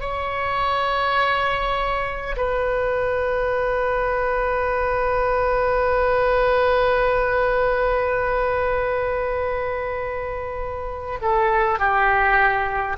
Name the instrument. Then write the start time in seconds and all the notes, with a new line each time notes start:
oboe
0.00 C#5
2.36 B4
11.21 A4
11.79 G4